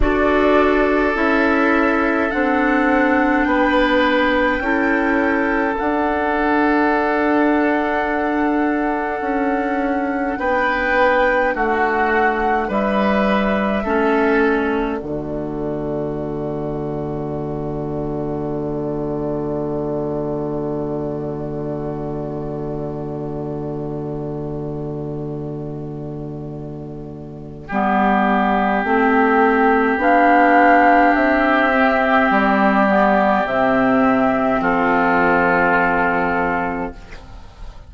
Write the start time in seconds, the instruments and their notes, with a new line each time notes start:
0.00 bassoon D4, clarinet F#4, oboe A4, flute D5
1.14 bassoon C#4, clarinet E4, flute E5
2.30 bassoon C4, clarinet D4, flute F#5
3.44 bassoon B3, oboe B4, flute G5
4.59 bassoon C#4, clarinet E4, oboe A4
5.74 clarinet D4, flute F#5
5.80 bassoon D4
9.20 bassoon C#4
10.38 bassoon B3, oboe B4, flute G5
11.54 bassoon A3, oboe F#4, flute F#5
12.68 bassoon G3, oboe B4, flute E5
13.83 bassoon A3, clarinet C#4, oboe A4
14.42 flute D5
14.99 bassoon D3, clarinet A3, oboe F#4
27.67 bassoon G3, clarinet B3, oboe G4
28.84 bassoon A3, clarinet C4
29.97 bassoon B3, clarinet D4, flute F5
31.15 bassoon C4, flute E5
31.74 clarinet C4
32.30 bassoon G3, flute D5
32.88 clarinet B3
33.44 bassoon C3, clarinet C4, flute E5
34.60 bassoon F3, oboe F4, flute A4